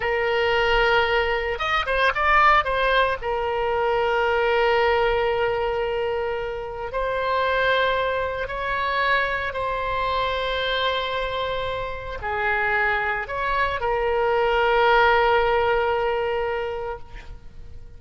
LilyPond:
\new Staff \with { instrumentName = "oboe" } { \time 4/4 \tempo 4 = 113 ais'2. dis''8 c''8 | d''4 c''4 ais'2~ | ais'1~ | ais'4 c''2. |
cis''2 c''2~ | c''2. gis'4~ | gis'4 cis''4 ais'2~ | ais'1 | }